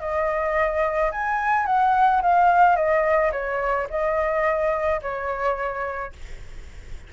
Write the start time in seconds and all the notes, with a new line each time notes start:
0.00 D#5
1.12 G#5
1.66 F#5
2.22 F5
2.76 D#5
3.32 C#5
3.90 D#5
5.02 C#5